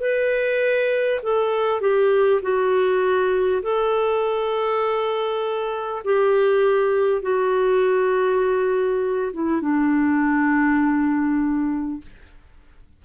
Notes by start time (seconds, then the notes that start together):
0.00 B4
1.23 A4
1.81 G4
2.43 F#4
3.63 A4
6.05 G4
7.22 F#4
9.33 E4
9.62 D4